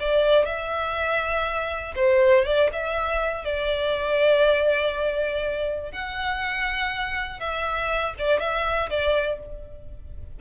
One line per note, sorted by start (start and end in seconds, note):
0.00 0.46 D5
0.46 1.95 E5
1.96 2.45 C5
2.45 2.70 D5
2.73 3.45 E5
3.45 5.92 D5
5.92 7.40 F#5
7.40 8.14 E5
8.19 8.40 D5
8.40 8.90 E5
8.90 9.40 D5